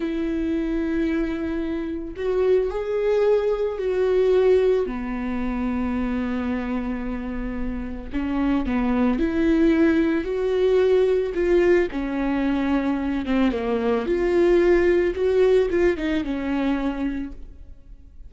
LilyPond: \new Staff \with { instrumentName = "viola" } { \time 4/4 \tempo 4 = 111 e'1 | fis'4 gis'2 fis'4~ | fis'4 b2.~ | b2. cis'4 |
b4 e'2 fis'4~ | fis'4 f'4 cis'2~ | cis'8 c'8 ais4 f'2 | fis'4 f'8 dis'8 cis'2 | }